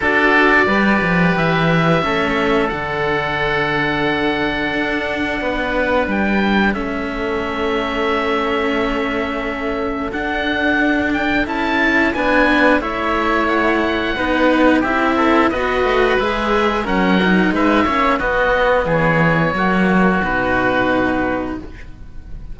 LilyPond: <<
  \new Staff \with { instrumentName = "oboe" } { \time 4/4 \tempo 4 = 89 d''2 e''2 | fis''1~ | fis''4 g''4 e''2~ | e''2. fis''4~ |
fis''8 g''8 a''4 gis''4 e''4 | fis''2 e''4 dis''4 | e''4 fis''4 e''4 dis''4 | cis''2 b'2 | }
  \new Staff \with { instrumentName = "oboe" } { \time 4/4 a'4 b'2 a'4~ | a'1 | b'2 a'2~ | a'1~ |
a'2 b'4 cis''4~ | cis''4 b'4 g'8 a'8 b'4~ | b'4 ais'4 b'8 cis''8 fis'4 | gis'4 fis'2. | }
  \new Staff \with { instrumentName = "cello" } { \time 4/4 fis'4 g'2 cis'4 | d'1~ | d'2 cis'2~ | cis'2. d'4~ |
d'4 e'4 d'4 e'4~ | e'4 dis'4 e'4 fis'4 | gis'4 cis'8 dis'4 cis'8 b4~ | b4 ais4 dis'2 | }
  \new Staff \with { instrumentName = "cello" } { \time 4/4 d'4 g8 f8 e4 a4 | d2. d'4 | b4 g4 a2~ | a2. d'4~ |
d'4 cis'4 b4 a4~ | a4 b4 c'4 b8 a8 | gis4 fis4 gis8 ais8 b4 | e4 fis4 b,2 | }
>>